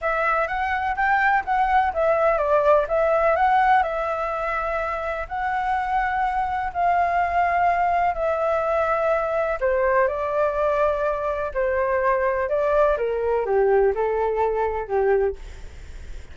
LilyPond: \new Staff \with { instrumentName = "flute" } { \time 4/4 \tempo 4 = 125 e''4 fis''4 g''4 fis''4 | e''4 d''4 e''4 fis''4 | e''2. fis''4~ | fis''2 f''2~ |
f''4 e''2. | c''4 d''2. | c''2 d''4 ais'4 | g'4 a'2 g'4 | }